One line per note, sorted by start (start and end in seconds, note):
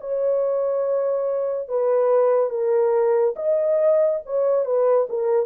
0.00 1.68 C#5
1.68 2.50 B4
2.50 3.35 A#4
3.36 4.20 D#5
4.26 4.65 C#5
4.65 5.07 B4
5.09 5.46 A#4